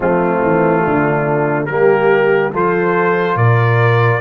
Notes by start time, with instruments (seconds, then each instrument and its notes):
0.00 tuba F3, trombone A3, horn C4, trumpet F4
0.42 tuba E3
0.85 tuba D3, horn D4
1.65 tuba G3, trombone A#3, horn G4, trumpet A#4
2.52 tuba F3, trombone F4, horn A4, trumpet C5
3.35 tuba A#2, horn A#4, trumpet D5